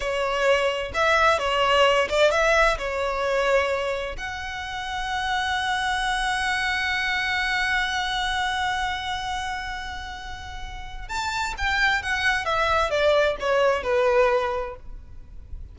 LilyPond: \new Staff \with { instrumentName = "violin" } { \time 4/4 \tempo 4 = 130 cis''2 e''4 cis''4~ | cis''8 d''8 e''4 cis''2~ | cis''4 fis''2.~ | fis''1~ |
fis''1~ | fis''1 | a''4 g''4 fis''4 e''4 | d''4 cis''4 b'2 | }